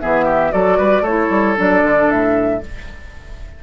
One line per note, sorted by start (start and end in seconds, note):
0.00 0.53 E3
0.00 0.51 B3
0.00 0.25 G#4
0.00 0.52 E5
0.25 0.51 G4
0.51 0.79 F#3
0.51 1.03 F#4
0.51 0.78 A4
0.51 1.04 D5
0.78 1.01 G3
0.78 1.02 B4
1.01 1.28 A3
1.01 2.60 A4
1.01 1.57 C#5
1.08 1.56 E4
1.30 1.56 G3
1.56 1.83 F#3
1.56 2.61 D4
1.56 2.10 D5
1.83 2.09 D3
2.09 2.62 A2
2.09 2.63 E5